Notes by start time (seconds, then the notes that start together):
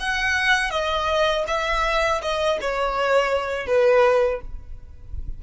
0.00 F#5
0.71 D#5
1.48 E5
2.22 D#5
2.61 C#5
3.67 B4